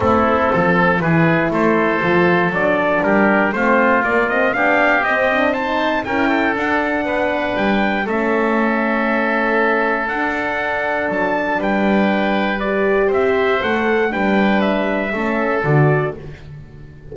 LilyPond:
<<
  \new Staff \with { instrumentName = "trumpet" } { \time 4/4 \tempo 4 = 119 a'2 b'4 c''4~ | c''4 d''4 ais'4 c''4 | d''8 dis''8 f''4 dis''4 a''4 | g''4 fis''2 g''4 |
e''1 | fis''2 a''4 g''4~ | g''4 d''4 e''4 fis''4 | g''4 e''2 d''4 | }
  \new Staff \with { instrumentName = "oboe" } { \time 4/4 e'4 a'4 gis'4 a'4~ | a'2 g'4 f'4~ | f'4 g'2 c''4 | ais'8 a'4. b'2 |
a'1~ | a'2. b'4~ | b'2 c''2 | b'2 a'2 | }
  \new Staff \with { instrumentName = "horn" } { \time 4/4 c'2 e'2 | f'4 d'2 c'4 | ais8 c'8 d'4 c'8 d'8 dis'4 | e'4 d'2. |
cis'1 | d'1~ | d'4 g'2 a'4 | d'2 cis'4 fis'4 | }
  \new Staff \with { instrumentName = "double bass" } { \time 4/4 a4 f4 e4 a4 | f4 fis4 g4 a4 | ais4 b4 c'2 | cis'4 d'4 b4 g4 |
a1 | d'2 fis4 g4~ | g2 c'4 a4 | g2 a4 d4 | }
>>